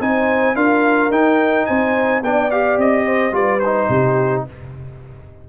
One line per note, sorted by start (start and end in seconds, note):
0.00 0.55 C4
0.00 0.55 D#4
0.00 0.56 C5
0.00 0.55 G#5
0.55 1.10 D4
0.55 1.11 F4
0.55 1.67 A#4
0.55 1.11 F5
1.10 1.65 D#4
1.10 2.23 D#4
1.10 1.66 G5
1.66 2.22 C4
1.66 2.22 C5
1.66 2.21 G#5
2.22 2.77 B3
2.22 2.51 D4
2.22 3.06 D5
2.22 2.50 G5
2.50 3.31 G4
2.50 2.78 F5
2.78 3.32 C4
2.78 3.35 D#5
3.06 3.33 C5
3.31 3.87 G3
3.31 3.59 F4
3.31 3.90 B4
3.31 3.59 D5
3.59 4.48 D#4
3.59 4.43 C5
3.88 4.44 C3
3.88 4.45 G4